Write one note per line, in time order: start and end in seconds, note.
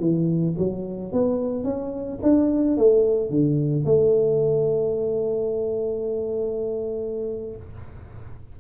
0.00 0.55 E3
0.58 1.13 F#3
1.13 1.64 B3
1.64 2.19 C#4
2.23 2.78 D4
2.78 3.30 A3
3.30 3.85 D3
3.85 7.57 A3